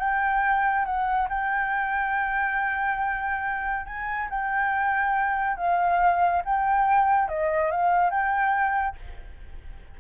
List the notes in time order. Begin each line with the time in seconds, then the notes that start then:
0.00 G5
0.86 F#5
1.30 G5
3.86 G#5
4.30 G5
5.57 F5
6.45 G5
7.29 D#5
7.72 F5
8.11 G5